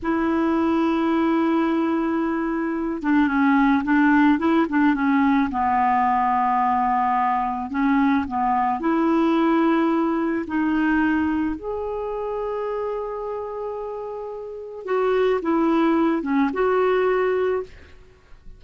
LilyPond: \new Staff \with { instrumentName = "clarinet" } { \time 4/4 \tempo 4 = 109 e'1~ | e'4. d'8 cis'4 d'4 | e'8 d'8 cis'4 b2~ | b2 cis'4 b4 |
e'2. dis'4~ | dis'4 gis'2.~ | gis'2. fis'4 | e'4. cis'8 fis'2 | }